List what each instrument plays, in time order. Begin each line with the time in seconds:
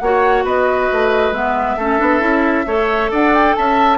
0.00 bassoon A#3, clarinet F#4, oboe C#5, flute F#5
0.45 bassoon B3, oboe B4, flute D#5
0.93 bassoon A3
1.32 bassoon G#3, clarinet B3, flute E5
1.78 bassoon A3, clarinet C#4, oboe A4
1.99 bassoon B3, clarinet D4
2.21 bassoon C#4, clarinet E4
2.67 bassoon A3, clarinet A4, oboe C#5
3.11 bassoon D4, oboe D5, flute F#5
3.35 flute G5
3.56 bassoon C#4, oboe E5, flute A5